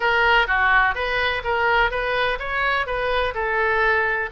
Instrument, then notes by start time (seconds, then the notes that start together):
oboe
0.00 A#4
0.47 F#4
0.94 B4
1.44 A#4
1.90 B4
2.39 C#5
2.86 B4
3.34 A4